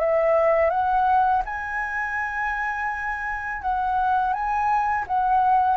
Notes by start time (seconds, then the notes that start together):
0.00 E5
0.70 F#5
1.45 G#5
3.62 F#5
4.33 G#5
5.07 F#5